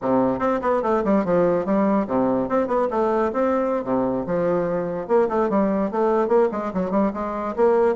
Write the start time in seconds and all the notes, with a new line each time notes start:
0.01 C3
0.39 C4
0.61 B3
0.82 A3
1.04 G3
1.25 F3
1.65 G3
2.07 C3
2.48 C4
2.67 B3
2.90 A3
3.33 C4
3.84 C3
4.26 F3
5.07 A#3
5.29 A3
5.49 G3
5.91 A3
6.28 A#3
6.51 G#3
6.73 F#3
6.90 G3
7.13 G#3
7.56 A#3